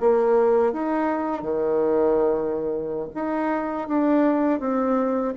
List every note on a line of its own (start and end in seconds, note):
0.00 0.73 A#3
0.73 1.42 D#4
1.42 3.09 D#3
3.14 3.88 D#4
3.88 4.60 D4
4.60 5.34 C4